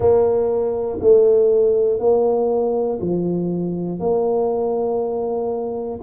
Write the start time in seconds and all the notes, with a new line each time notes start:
0.00 A#3
1.00 A3
1.99 A#3
3.00 F3
4.00 A#3